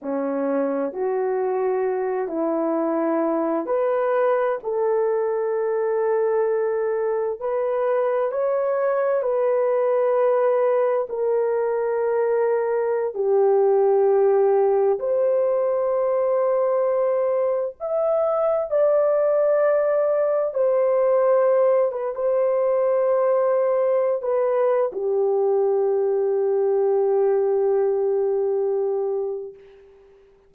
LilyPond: \new Staff \with { instrumentName = "horn" } { \time 4/4 \tempo 4 = 65 cis'4 fis'4. e'4. | b'4 a'2. | b'4 cis''4 b'2 | ais'2~ ais'16 g'4.~ g'16~ |
g'16 c''2. e''8.~ | e''16 d''2 c''4. b'16 | c''2~ c''16 b'8. g'4~ | g'1 | }